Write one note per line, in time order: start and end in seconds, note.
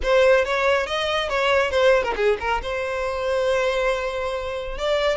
0.02 0.44 C5
0.44 0.86 C#5
0.86 1.29 D#5
1.29 1.71 C#5
1.71 2.03 C5
2.03 2.14 A#4
2.15 2.37 G#4
2.40 2.61 A#4
2.62 4.77 C5
4.77 5.16 D5